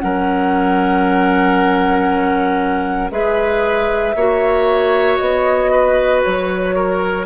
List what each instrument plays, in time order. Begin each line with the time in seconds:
0.00 bassoon F#3, clarinet C#4, oboe A#4, flute F#5
3.11 bassoon G#3, clarinet G#4, oboe B4, flute E5
4.16 bassoon A#3, clarinet F#4, oboe C#5
5.18 bassoon B3, flute D#5
5.72 oboe B4
6.24 bassoon F#3, flute C#5
6.76 oboe A#4